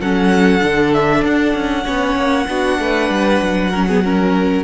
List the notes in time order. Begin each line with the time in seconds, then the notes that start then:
0.00 F#3 C#4 A4 F#5
0.60 D3 D4
0.94 E5
1.23 D4 F#5
1.54 C#4
1.84 B3 C#4 C#5
2.15 A#3
2.48 B3 D4 F#4
2.79 A3 B4
3.10 G3
3.42 F#3
3.70 C#4 A#4
3.88 B3 G#4
4.04 C#4 A#4